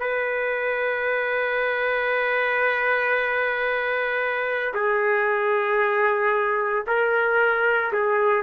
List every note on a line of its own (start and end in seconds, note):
0.00 4.74 B4
4.75 6.85 G#4
6.88 7.93 A#4
7.93 8.43 G#4